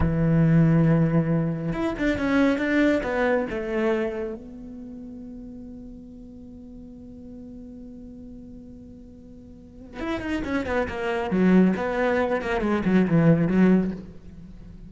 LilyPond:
\new Staff \with { instrumentName = "cello" } { \time 4/4 \tempo 4 = 138 e1 | e'8 d'8 cis'4 d'4 b4 | a2 b2~ | b1~ |
b1~ | b2. e'8 dis'8 | cis'8 b8 ais4 fis4 b4~ | b8 ais8 gis8 fis8 e4 fis4 | }